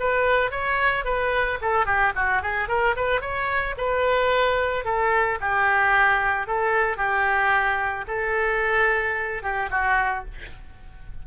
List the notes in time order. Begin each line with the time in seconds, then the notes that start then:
0.00 B4
0.52 C#5
1.05 B4
1.62 A4
1.86 G4
2.16 F#4
2.43 G#4
2.69 A#4
2.97 B4
3.21 C#5
3.78 B4
4.85 A4
5.41 G4
6.47 A4
6.98 G4
8.08 A4
9.43 G4
9.71 F#4